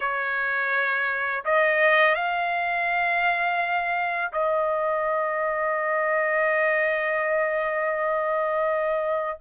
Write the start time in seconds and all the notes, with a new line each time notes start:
0.00 C#5
1.45 D#5
2.15 F5
4.32 D#5